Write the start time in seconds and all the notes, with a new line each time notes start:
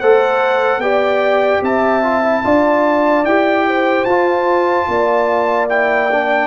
0.00 A3 A4 C5 F#5
0.78 B3 G4 D5 G5
1.61 C4 E5 A5
2.03 F4
2.23 E4
2.43 D4 F4 D5
3.24 E4 G4 G5
3.68 C5
4.05 F4 A5
4.88 A#3 D5
5.70 E4 G5
6.12 D4